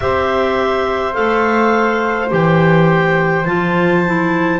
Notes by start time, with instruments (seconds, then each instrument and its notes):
0.00 double bass C4, clarinet G4 E5, flute C5
1.12 double bass A3, clarinet A4 F5
2.29 double bass E3, clarinet G4 G5
3.45 double bass F3, clarinet F4 A5
4.06 clarinet E4